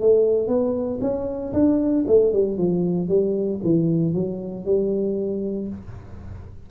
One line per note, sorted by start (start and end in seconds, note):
0.00 0.48 A3
0.48 0.99 B3
1.01 1.53 C#4
1.53 2.05 D4
2.07 2.33 A3
2.33 2.57 G3
2.57 3.08 F3
3.08 3.60 G3
3.64 4.14 E3
4.14 4.65 F#3
4.65 5.68 G3